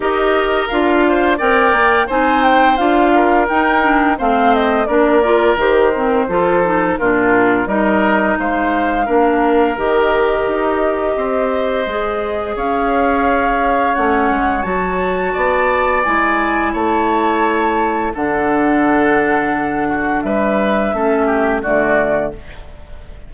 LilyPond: <<
  \new Staff \with { instrumentName = "flute" } { \time 4/4 \tempo 4 = 86 dis''4 f''4 g''4 gis''8 g''8 | f''4 g''4 f''8 dis''8 d''4 | c''2 ais'4 dis''4 | f''2 dis''2~ |
dis''2 f''2 | fis''4 a''2 gis''4 | a''2 fis''2~ | fis''4 e''2 d''4 | }
  \new Staff \with { instrumentName = "oboe" } { \time 4/4 ais'4. c''8 d''4 c''4~ | c''8 ais'4. c''4 ais'4~ | ais'4 a'4 f'4 ais'4 | c''4 ais'2. |
c''2 cis''2~ | cis''2 d''2 | cis''2 a'2~ | a'8 fis'8 b'4 a'8 g'8 fis'4 | }
  \new Staff \with { instrumentName = "clarinet" } { \time 4/4 g'4 f'4 ais'4 dis'4 | f'4 dis'8 d'8 c'4 d'8 f'8 | g'8 c'8 f'8 dis'8 d'4 dis'4~ | dis'4 d'4 g'2~ |
g'4 gis'2. | cis'4 fis'2 e'4~ | e'2 d'2~ | d'2 cis'4 a4 | }
  \new Staff \with { instrumentName = "bassoon" } { \time 4/4 dis'4 d'4 c'8 ais8 c'4 | d'4 dis'4 a4 ais4 | dis4 f4 ais,4 g4 | gis4 ais4 dis4 dis'4 |
c'4 gis4 cis'2 | a8 gis8 fis4 b4 gis4 | a2 d2~ | d4 g4 a4 d4 | }
>>